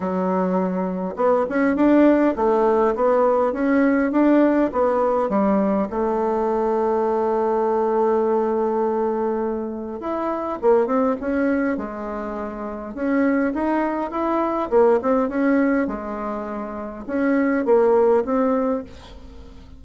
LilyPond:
\new Staff \with { instrumentName = "bassoon" } { \time 4/4 \tempo 4 = 102 fis2 b8 cis'8 d'4 | a4 b4 cis'4 d'4 | b4 g4 a2~ | a1~ |
a4 e'4 ais8 c'8 cis'4 | gis2 cis'4 dis'4 | e'4 ais8 c'8 cis'4 gis4~ | gis4 cis'4 ais4 c'4 | }